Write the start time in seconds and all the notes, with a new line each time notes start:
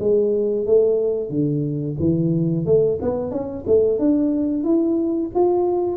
0.00 G#3
0.66 A3
1.30 D3
1.99 E3
2.66 A3
3.02 B3
3.32 C#4
3.67 A3
3.99 D4
4.64 E4
5.35 F4